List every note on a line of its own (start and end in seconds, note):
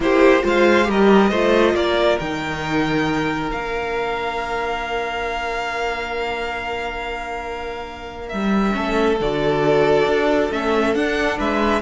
0.00 0.42 A#3
0.00 0.41 E4
0.00 0.44 G4
0.00 0.44 C5
0.41 0.88 G#3
0.41 0.83 F4
0.41 0.87 C5
0.41 0.90 F5
0.83 1.31 G3
0.83 1.27 G4
0.83 1.30 A#4
0.90 1.75 D#5
1.30 1.74 A3
1.30 2.20 F4
1.30 1.74 C5
1.74 2.17 A#3
1.74 8.75 A#4
1.74 2.19 D5
2.19 3.51 D#3
2.19 3.52 D#4
2.19 3.50 G5
3.51 8.32 A#3
3.51 8.72 D4
3.51 8.28 F5
8.28 8.76 G3
8.28 9.16 E5
8.72 9.20 A3
8.72 9.16 C#4
8.72 11.38 A4
9.20 10.06 D3
9.20 10.51 F#4
9.20 10.51 D5
10.06 10.50 D4
10.51 10.94 A3
10.51 10.95 C#4
10.51 10.95 E5
10.94 11.38 D4
10.94 11.81 D4
10.94 11.38 F#5
11.38 11.81 G#3
11.38 11.81 B4
11.38 11.81 E5